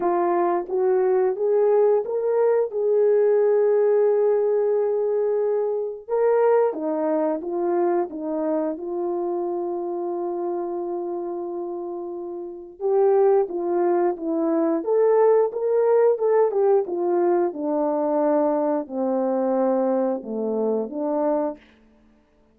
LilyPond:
\new Staff \with { instrumentName = "horn" } { \time 4/4 \tempo 4 = 89 f'4 fis'4 gis'4 ais'4 | gis'1~ | gis'4 ais'4 dis'4 f'4 | dis'4 f'2.~ |
f'2. g'4 | f'4 e'4 a'4 ais'4 | a'8 g'8 f'4 d'2 | c'2 a4 d'4 | }